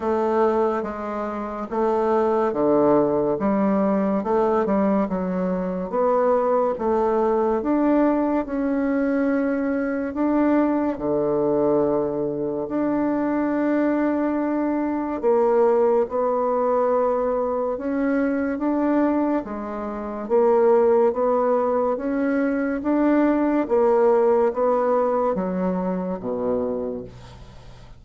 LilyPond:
\new Staff \with { instrumentName = "bassoon" } { \time 4/4 \tempo 4 = 71 a4 gis4 a4 d4 | g4 a8 g8 fis4 b4 | a4 d'4 cis'2 | d'4 d2 d'4~ |
d'2 ais4 b4~ | b4 cis'4 d'4 gis4 | ais4 b4 cis'4 d'4 | ais4 b4 fis4 b,4 | }